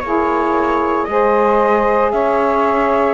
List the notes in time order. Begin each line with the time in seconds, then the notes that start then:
0.00 A#3 E4 G#4 C#5
1.05 G#3 G#4 C5 D#5
2.12 C#4 C#5 E5